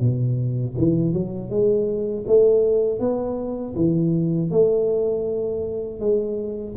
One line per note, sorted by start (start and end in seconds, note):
0.00 0.75 B2
0.78 1.14 E3
1.14 1.50 F#3
1.50 2.25 G#3
2.27 3.00 A3
3.00 3.75 B3
3.76 4.51 E3
4.51 6.00 A3
6.00 6.75 G#3